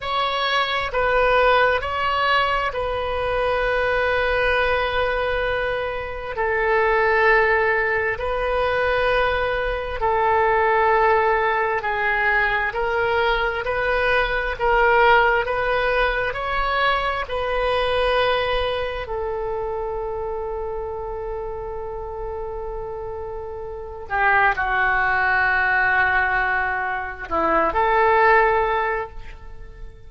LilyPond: \new Staff \with { instrumentName = "oboe" } { \time 4/4 \tempo 4 = 66 cis''4 b'4 cis''4 b'4~ | b'2. a'4~ | a'4 b'2 a'4~ | a'4 gis'4 ais'4 b'4 |
ais'4 b'4 cis''4 b'4~ | b'4 a'2.~ | a'2~ a'8 g'8 fis'4~ | fis'2 e'8 a'4. | }